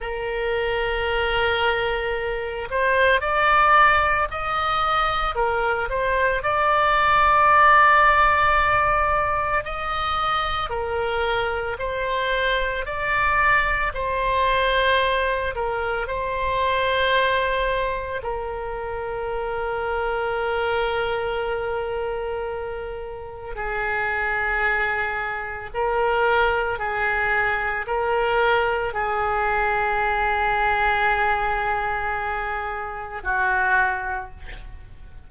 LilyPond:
\new Staff \with { instrumentName = "oboe" } { \time 4/4 \tempo 4 = 56 ais'2~ ais'8 c''8 d''4 | dis''4 ais'8 c''8 d''2~ | d''4 dis''4 ais'4 c''4 | d''4 c''4. ais'8 c''4~ |
c''4 ais'2.~ | ais'2 gis'2 | ais'4 gis'4 ais'4 gis'4~ | gis'2. fis'4 | }